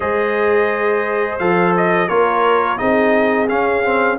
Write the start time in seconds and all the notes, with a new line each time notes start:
0.00 G#3 G#4 C5 D#5
1.38 F3 A4 F5
1.76 D#5
2.08 A#3 F4 A#4 C#5
2.77 C4 D#4 G#4 D#5
3.48 C#4 F5
3.84 C4